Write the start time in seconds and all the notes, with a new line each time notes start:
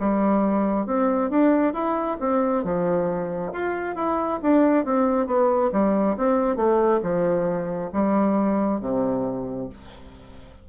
0.00 G3
0.86 C4
1.30 D4
1.73 E4
2.20 C4
2.64 F3
3.53 F4
3.95 E4
4.42 D4
4.85 C4
5.27 B3
5.72 G3
6.17 C4
6.56 A3
7.03 F3
7.93 G3
8.81 C3